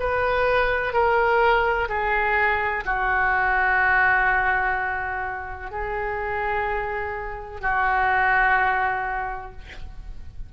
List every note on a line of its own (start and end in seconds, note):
0.00 0.94 B4
0.94 1.89 A#4
1.89 2.84 G#4
2.86 5.71 F#4
5.71 7.61 G#4
7.61 9.52 F#4